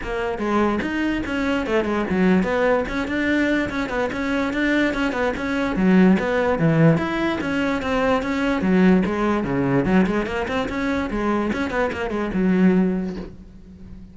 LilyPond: \new Staff \with { instrumentName = "cello" } { \time 4/4 \tempo 4 = 146 ais4 gis4 dis'4 cis'4 | a8 gis8 fis4 b4 cis'8 d'8~ | d'4 cis'8 b8 cis'4 d'4 | cis'8 b8 cis'4 fis4 b4 |
e4 e'4 cis'4 c'4 | cis'4 fis4 gis4 cis4 | fis8 gis8 ais8 c'8 cis'4 gis4 | cis'8 b8 ais8 gis8 fis2 | }